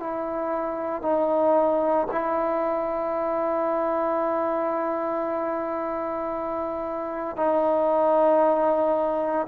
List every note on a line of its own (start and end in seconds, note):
0.00 1.02 E4
1.02 2.08 D#4
2.11 7.37 E4
7.37 9.47 D#4